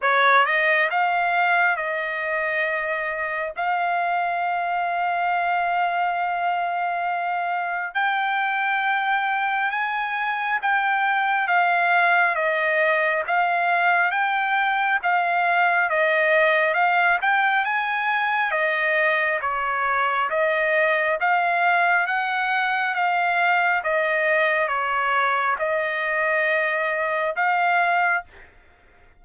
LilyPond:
\new Staff \with { instrumentName = "trumpet" } { \time 4/4 \tempo 4 = 68 cis''8 dis''8 f''4 dis''2 | f''1~ | f''4 g''2 gis''4 | g''4 f''4 dis''4 f''4 |
g''4 f''4 dis''4 f''8 g''8 | gis''4 dis''4 cis''4 dis''4 | f''4 fis''4 f''4 dis''4 | cis''4 dis''2 f''4 | }